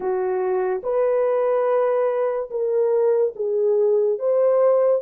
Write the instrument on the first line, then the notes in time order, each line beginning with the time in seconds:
horn
0.00 F#4
0.83 B4
2.50 A#4
3.35 G#4
4.18 C5